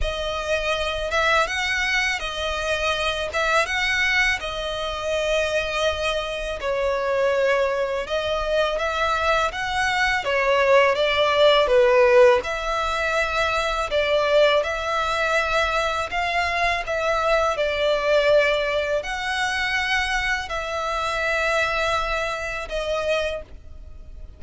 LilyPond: \new Staff \with { instrumentName = "violin" } { \time 4/4 \tempo 4 = 82 dis''4. e''8 fis''4 dis''4~ | dis''8 e''8 fis''4 dis''2~ | dis''4 cis''2 dis''4 | e''4 fis''4 cis''4 d''4 |
b'4 e''2 d''4 | e''2 f''4 e''4 | d''2 fis''2 | e''2. dis''4 | }